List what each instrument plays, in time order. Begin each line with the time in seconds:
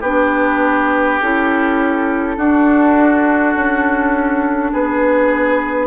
0.00 bassoon B3, clarinet D4, oboe G4, flute B4
1.20 bassoon C#4, clarinet E4, flute A4
2.37 bassoon D4, clarinet D4, oboe F#4
3.55 bassoon C#4
4.72 bassoon B3, oboe G#4, flute B4